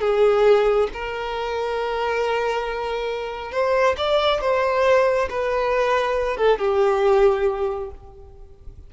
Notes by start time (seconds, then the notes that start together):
0.00 G#4
0.93 A#4
3.52 C5
3.97 D5
4.41 C5
5.29 B4
6.36 A4
6.58 G4